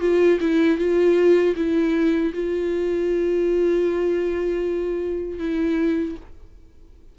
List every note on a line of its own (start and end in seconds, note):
0.00 0.38 F4
0.40 0.78 E4
0.78 1.55 F4
1.56 2.33 E4
2.33 5.38 F4
5.38 6.15 E4